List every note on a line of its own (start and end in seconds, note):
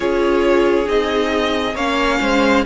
0.00 0.87 C#4
0.00 0.85 F4
0.00 1.74 G#4
0.00 0.88 C#5
0.85 1.75 C4
0.85 1.73 D#4
0.85 1.76 D#5
1.74 2.19 A#3
1.74 2.65 C#4
1.74 2.18 C#5
1.74 2.64 F5
2.20 2.65 G#3
2.20 2.65 C5